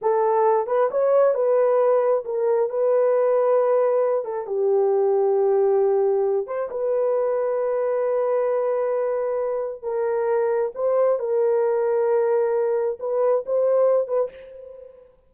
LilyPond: \new Staff \with { instrumentName = "horn" } { \time 4/4 \tempo 4 = 134 a'4. b'8 cis''4 b'4~ | b'4 ais'4 b'2~ | b'4. a'8 g'2~ | g'2~ g'8 c''8 b'4~ |
b'1~ | b'2 ais'2 | c''4 ais'2.~ | ais'4 b'4 c''4. b'8 | }